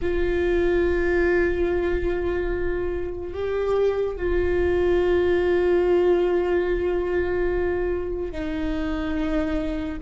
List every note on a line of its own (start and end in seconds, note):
0.02 3.33 F4
3.33 4.16 G4
4.16 8.31 F4
8.31 9.98 D#4